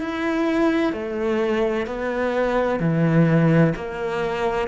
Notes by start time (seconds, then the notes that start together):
0.00 E4
0.92 A3
1.86 B3
2.79 E3
3.75 A#3